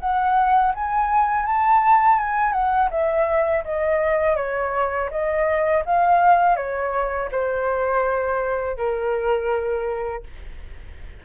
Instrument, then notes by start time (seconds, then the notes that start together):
flute
0.00 F#5
0.75 G#5
1.46 A5
2.19 G#5
2.53 F#5
2.91 E5
3.65 D#5
4.36 C#5
5.11 D#5
5.86 F5
6.57 C#5
7.32 C5
8.77 A#4